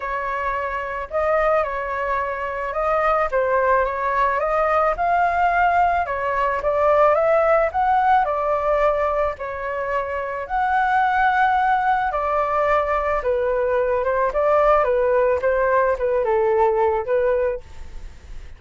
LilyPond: \new Staff \with { instrumentName = "flute" } { \time 4/4 \tempo 4 = 109 cis''2 dis''4 cis''4~ | cis''4 dis''4 c''4 cis''4 | dis''4 f''2 cis''4 | d''4 e''4 fis''4 d''4~ |
d''4 cis''2 fis''4~ | fis''2 d''2 | b'4. c''8 d''4 b'4 | c''4 b'8 a'4. b'4 | }